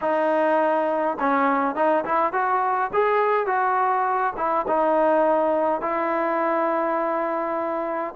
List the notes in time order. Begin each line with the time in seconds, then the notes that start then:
0.01 D#4
1.19 C#4
1.75 D#4
2.04 E4
2.32 F#4
2.93 G#4
3.46 F#4
4.36 E4
4.67 D#4
5.81 E4